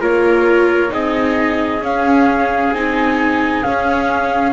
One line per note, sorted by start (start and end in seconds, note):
0.00 0.91 A#3
0.00 0.89 F4
0.00 0.91 A#4
0.00 0.92 C#5
0.89 1.80 C4
0.89 1.80 D#4
0.89 4.52 G#4
0.89 1.83 D#5
1.80 2.71 C#4
1.80 2.74 C#4
1.80 2.73 F5
2.71 3.62 C4
2.71 3.64 D#4
2.71 3.62 G#5
3.62 4.52 C#4
3.62 4.52 F5